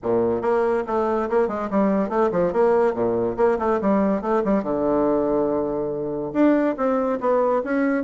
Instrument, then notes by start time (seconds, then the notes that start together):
bassoon
0.02 A#2
0.41 A#3
0.86 A3
1.29 A#3
1.48 G#3
1.70 G3
2.09 A3
2.31 F3
2.53 A#3
2.94 A#2
3.36 A#3
3.58 A3
3.81 G3
4.21 A3
4.44 G3
4.63 D3
6.33 D4
6.77 C4
7.20 B3
7.64 C#4